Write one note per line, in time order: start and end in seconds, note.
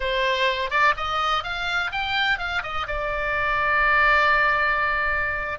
0.00 0.70 C5
0.70 0.94 D5
0.97 1.43 D#5
1.43 1.91 F5
1.92 2.38 G5
2.38 2.62 F5
2.62 2.86 D#5
2.87 5.59 D5